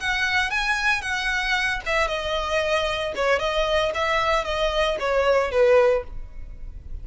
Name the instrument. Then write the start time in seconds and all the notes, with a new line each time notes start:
violin
0.00 F#5
0.50 G#5
1.02 F#5
1.86 E5
2.08 D#5
3.16 C#5
3.39 D#5
3.94 E5
4.45 D#5
5.00 C#5
5.51 B4